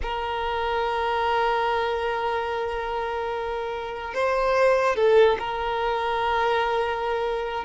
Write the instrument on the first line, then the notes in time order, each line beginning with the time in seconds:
violin
0.02 A#4
4.14 C5
4.95 A4
5.39 A#4